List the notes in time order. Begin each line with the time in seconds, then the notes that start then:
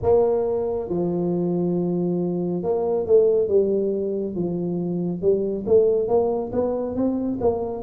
0.02 A#3
0.89 F3
2.62 A#3
3.06 A3
3.48 G3
4.35 F3
5.21 G3
5.66 A3
6.08 A#3
6.52 B3
6.95 C4
7.41 A#3